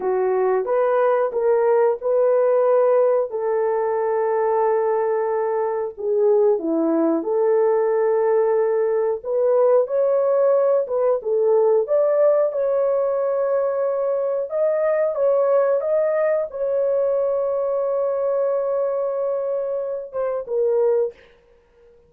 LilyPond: \new Staff \with { instrumentName = "horn" } { \time 4/4 \tempo 4 = 91 fis'4 b'4 ais'4 b'4~ | b'4 a'2.~ | a'4 gis'4 e'4 a'4~ | a'2 b'4 cis''4~ |
cis''8 b'8 a'4 d''4 cis''4~ | cis''2 dis''4 cis''4 | dis''4 cis''2.~ | cis''2~ cis''8 c''8 ais'4 | }